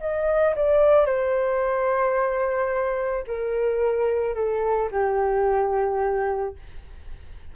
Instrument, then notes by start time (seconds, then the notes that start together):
flute
0.00 D#5
0.56 D5
1.06 C5
3.27 A#4
4.34 A4
4.91 G4